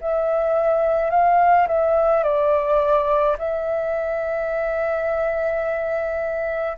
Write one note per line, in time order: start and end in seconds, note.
0.00 1.10 E5
1.10 1.67 F5
1.67 2.23 E5
2.23 3.36 D5
3.38 6.77 E5